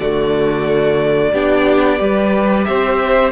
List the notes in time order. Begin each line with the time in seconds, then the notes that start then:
0.00 D3 A3 F#4 D5
1.33 B3 D4 G4
1.99 G3 G4 B4
2.65 C4 C5 E5